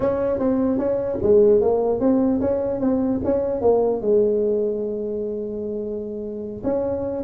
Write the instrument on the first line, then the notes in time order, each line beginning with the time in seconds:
tuba
0.00 C#4
0.38 C4
0.78 C#4
1.22 G#3
1.61 A#3
2.00 C4
2.40 C#4
2.80 C4
3.24 C#4
3.61 A#3
4.01 G#3
6.63 C#4